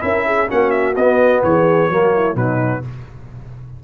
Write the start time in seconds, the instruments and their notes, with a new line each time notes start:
0.00 tuba C#4, trombone E4, horn A#4, trumpet E5
0.26 horn G#4
0.47 tuba A#3, trombone C#4, horn F#4, trumpet F#5
0.70 trumpet E5
0.96 tuba B3, trombone B3, trumpet D#5
1.43 tuba E3, horn G#4, trumpet C#5
1.90 tuba F#3, trombone A#3, horn F#4
2.15 horn E4
2.35 tuba B2, trombone F#3, horn D#4, trumpet B4